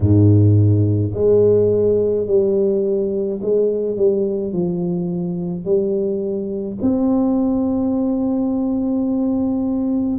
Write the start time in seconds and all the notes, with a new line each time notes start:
0.00 G#2
1.13 G#3
2.26 G3
3.41 G#3
3.96 G3
4.53 F3
5.64 G3
6.81 C4